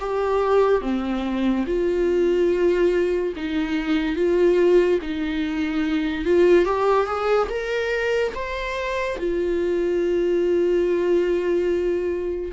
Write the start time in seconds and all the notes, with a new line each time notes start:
0.00 G4
0.81 C4
1.67 F4
3.36 D#4
4.16 F4
5.02 D#4
6.25 F4
6.66 G4
7.06 G#4
7.50 A#4
8.35 C5
9.19 F4